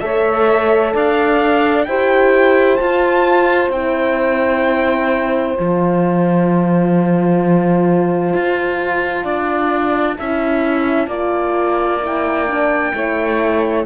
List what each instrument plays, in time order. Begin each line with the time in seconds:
0.00 cello A3, horn A4, saxophone C#5, violin E5
0.93 cello D4, saxophone D5, violin F5
1.84 cello E4, horn G4, saxophone C5, violin G5
2.76 horn F4, cello F4, violin A5
3.70 cello C4, horn E4, violin G5
5.56 cello F3, horn F4, violin A5
8.33 cello F4
9.23 cello D4, saxophone D5
10.18 cello C#4, horn E4, saxophone E5
11.07 cello A#3, horn F4, saxophone D5
12.01 horn E4, violin G5
12.47 horn D4
12.93 cello A3, horn E4, saxophone C#5